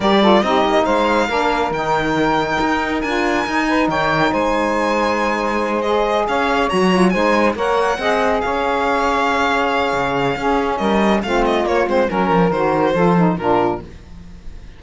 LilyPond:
<<
  \new Staff \with { instrumentName = "violin" } { \time 4/4 \tempo 4 = 139 d''4 dis''4 f''2 | g''2. gis''4~ | gis''4 g''4 gis''2~ | gis''4. dis''4 f''4 ais''8~ |
ais''8 gis''4 fis''2 f''8~ | f''1~ | f''4 dis''4 f''8 dis''8 cis''8 c''8 | ais'4 c''2 ais'4 | }
  \new Staff \with { instrumentName = "saxophone" } { \time 4/4 ais'8 a'8 g'4 c''4 ais'4~ | ais'1~ | ais'8 b'8 cis''4 c''2~ | c''2~ c''8 cis''4.~ |
cis''8 c''4 cis''4 dis''4 cis''8~ | cis''1 | gis'4 ais'4 f'2 | ais'2 a'4 f'4 | }
  \new Staff \with { instrumentName = "saxophone" } { \time 4/4 g'8 f'8 dis'2 d'4 | dis'2. f'4 | dis'1~ | dis'4. gis'2 fis'8 |
f'8 dis'4 ais'4 gis'4.~ | gis'1 | cis'2 c'4 ais8 c'8 | cis'4 fis'4 f'8 dis'8 d'4 | }
  \new Staff \with { instrumentName = "cello" } { \time 4/4 g4 c'8 ais8 gis4 ais4 | dis2 dis'4 d'4 | dis'4 dis4 gis2~ | gis2~ gis8 cis'4 fis8~ |
fis8 gis4 ais4 c'4 cis'8~ | cis'2. cis4 | cis'4 g4 a4 ais8 gis8 | fis8 f8 dis4 f4 ais,4 | }
>>